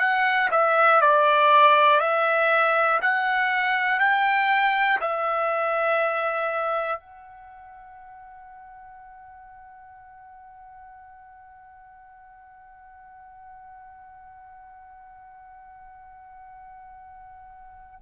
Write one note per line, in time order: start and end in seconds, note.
0.00 0.50 F#5
0.52 1.01 E5
1.01 2.01 D5
2.01 3.01 E5
3.02 4.00 F#5
4.00 5.00 G5
5.01 7.00 E5
7.00 18.00 F#5